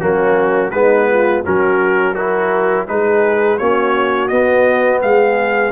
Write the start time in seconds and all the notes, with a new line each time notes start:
0.00 F#3 A#3 C#4 F#4
0.70 G#3 B3 D#4 B4
1.09 F4
1.44 F#3 C#4 F#4 A#4
2.15 E4 F#4 A#4
2.87 G#3 D#4 G#4 B4
3.58 A#3 C#4 F#4 C#5
4.28 B3 D#5
5.02 G#3 G#4 F5